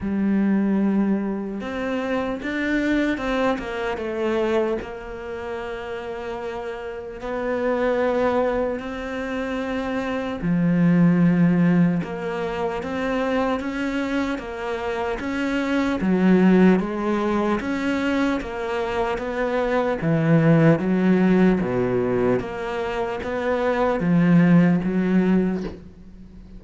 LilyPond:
\new Staff \with { instrumentName = "cello" } { \time 4/4 \tempo 4 = 75 g2 c'4 d'4 | c'8 ais8 a4 ais2~ | ais4 b2 c'4~ | c'4 f2 ais4 |
c'4 cis'4 ais4 cis'4 | fis4 gis4 cis'4 ais4 | b4 e4 fis4 b,4 | ais4 b4 f4 fis4 | }